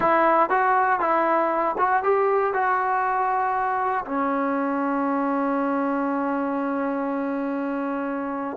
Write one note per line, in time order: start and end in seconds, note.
0.00 0.49 E4
0.49 0.99 F#4
0.99 1.75 E4
1.78 2.03 F#4
2.03 2.53 G4
2.53 4.04 F#4
4.05 8.57 C#4